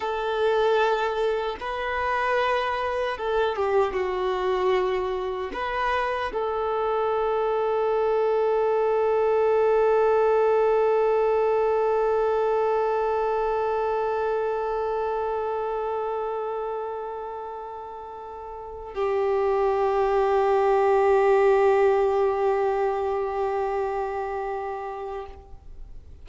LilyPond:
\new Staff \with { instrumentName = "violin" } { \time 4/4 \tempo 4 = 76 a'2 b'2 | a'8 g'8 fis'2 b'4 | a'1~ | a'1~ |
a'1~ | a'1 | g'1~ | g'1 | }